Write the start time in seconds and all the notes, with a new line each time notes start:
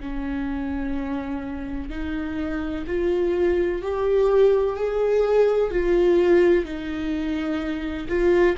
0.00 C#4
1.90 D#4
2.87 F4
3.82 G4
4.76 G#4
5.71 F4
6.65 D#4
8.09 F4